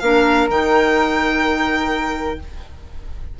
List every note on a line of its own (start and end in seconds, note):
0.00 0.49 A#3
0.00 0.50 D4
0.00 2.39 A#4
0.00 0.47 F5
0.49 2.38 D#3
0.49 2.39 D#4
0.49 2.40 G5